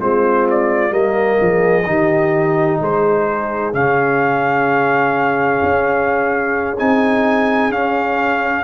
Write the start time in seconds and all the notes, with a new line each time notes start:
0.00 G#3 C4 F4 C5
0.51 D5
0.90 G3 A#3 A#4 D#5
1.41 F3 G#4
1.86 D#3 D#4 G4
2.81 G#3 G#4 C5
3.73 C#3 C#4 F5
5.63 C#4
6.79 C4 D#4 G#5
7.70 C#4 F5